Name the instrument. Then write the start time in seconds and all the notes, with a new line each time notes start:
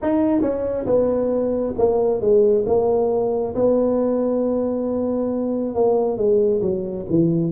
tuba
0.02 D#4
0.41 C#4
0.86 B3
1.78 A#3
2.21 G#3
2.66 A#3
3.55 B3
5.74 A#3
6.17 G#3
6.61 F#3
7.09 E3